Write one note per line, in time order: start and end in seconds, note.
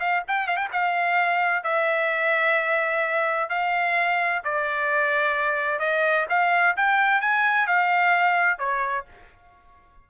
0.00 0.23 F5
0.28 0.47 G5
0.47 0.57 F5
0.57 0.68 G5
0.72 1.64 F5
1.64 3.49 E5
3.49 4.42 F5
4.44 5.80 D5
5.80 6.26 D#5
6.30 6.76 F5
6.77 7.21 G5
7.21 7.67 G#5
7.67 8.59 F5
8.59 9.05 C#5